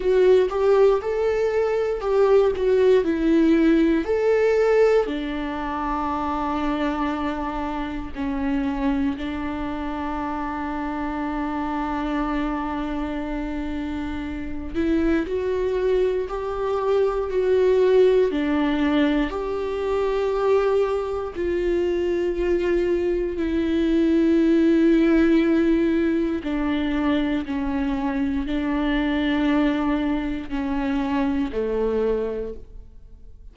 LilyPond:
\new Staff \with { instrumentName = "viola" } { \time 4/4 \tempo 4 = 59 fis'8 g'8 a'4 g'8 fis'8 e'4 | a'4 d'2. | cis'4 d'2.~ | d'2~ d'8 e'8 fis'4 |
g'4 fis'4 d'4 g'4~ | g'4 f'2 e'4~ | e'2 d'4 cis'4 | d'2 cis'4 a4 | }